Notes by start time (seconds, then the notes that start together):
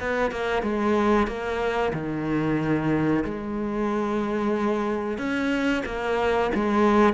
0.00 B3
0.31 A#3
0.63 G#3
1.27 A#3
1.94 D#3
3.25 G#3
5.18 C#4
5.86 A#3
6.55 G#3